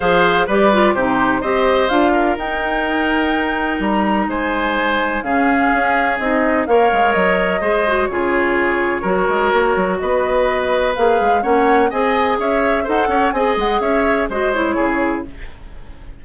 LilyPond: <<
  \new Staff \with { instrumentName = "flute" } { \time 4/4 \tempo 4 = 126 f''4 d''4 c''4 dis''4 | f''4 g''2. | ais''4 gis''2 f''4~ | f''4 dis''4 f''4 dis''4~ |
dis''4 cis''2.~ | cis''4 dis''2 f''4 | fis''4 gis''4 e''4 fis''4 | gis''8 fis''8 e''4 dis''8 cis''4. | }
  \new Staff \with { instrumentName = "oboe" } { \time 4/4 c''4 b'4 g'4 c''4~ | c''8 ais'2.~ ais'8~ | ais'4 c''2 gis'4~ | gis'2 cis''2 |
c''4 gis'2 ais'4~ | ais'4 b'2. | cis''4 dis''4 cis''4 c''8 cis''8 | dis''4 cis''4 c''4 gis'4 | }
  \new Staff \with { instrumentName = "clarinet" } { \time 4/4 gis'4 g'8 f'8 dis'4 g'4 | f'4 dis'2.~ | dis'2. cis'4~ | cis'4 dis'4 ais'2 |
gis'8 fis'8 f'2 fis'4~ | fis'2. gis'4 | cis'4 gis'2 a'4 | gis'2 fis'8 e'4. | }
  \new Staff \with { instrumentName = "bassoon" } { \time 4/4 f4 g4 c4 c'4 | d'4 dis'2. | g4 gis2 cis4 | cis'4 c'4 ais8 gis8 fis4 |
gis4 cis2 fis8 gis8 | ais8 fis8 b2 ais8 gis8 | ais4 c'4 cis'4 dis'8 cis'8 | c'8 gis8 cis'4 gis4 cis4 | }
>>